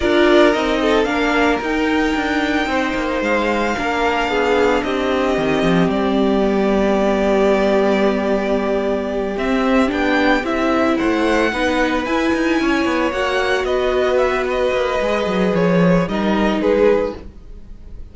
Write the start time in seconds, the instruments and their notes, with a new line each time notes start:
0.00 cello D4, viola F4, violin A#4 D5
0.52 cello C4, viola D#4, violin D#5
0.81 violin A4
1.04 cello A#3, viola D4, violin A#4 F5
1.60 cello D#4, viola D#4, violin G5
2.15 cello D4
2.66 cello C4, violin C5
2.94 cello A#3
3.21 cello G#3, violin F5
3.76 cello A#3, viola D4, violin A#4
4.27 cello B3, violin G#4
4.82 cello C4, violin G4 D#5
5.37 cello D#3, viola C4
5.62 cello F3
5.87 cello G3, violin D5
6.40 viola B3
9.36 cello C4, viola C4, violin E5
9.87 cello B3, viola D4, violin G5
10.43 cello C4, viola E4, violin E5
10.97 cello A3, violin C5 F#5
11.51 cello B3, viola D#4, violin B4
12.04 cello E4, viola E4, violin G#5
12.34 cello D#4
12.60 cello C#4, violin C#5
12.85 cello B3
13.11 cello A#3, viola F#4, violin F#5
13.64 cello B3, violin B4 D#5
14.17 violin E5
14.50 violin D#5
14.72 cello A#3
15.00 cello G#3, viola G#4
15.26 cello F#3
15.54 cello F3, violin C#5
16.07 cello G3, viola D#4, violin A#4 D#5
16.58 cello G#3, violin G#4 B4